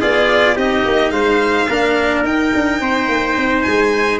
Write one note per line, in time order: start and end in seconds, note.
0.00 0.56 B3
0.00 0.55 F4
0.00 0.56 G#4
0.00 0.57 D5
0.55 0.84 C4
0.55 1.67 D#4
0.55 1.12 G4
0.55 1.11 D#5
0.85 1.11 A#3
1.11 1.67 G#3
1.11 1.68 C5
1.11 2.23 F5
1.69 2.24 A#3
1.69 2.25 D4
1.69 2.81 A#4
2.24 2.52 D#4
2.24 4.19 D#4
2.24 3.62 G5
2.54 2.80 D4
2.80 3.08 C4
2.80 4.19 C5
3.08 3.36 A#3
3.36 3.64 C4
3.62 4.19 G#3
3.62 4.18 G#5